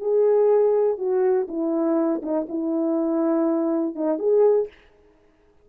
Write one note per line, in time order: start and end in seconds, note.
0.00 0.98 G#4
0.98 1.47 F#4
1.48 2.22 E4
2.22 2.47 D#4
2.49 3.95 E4
3.95 4.19 D#4
4.19 4.68 G#4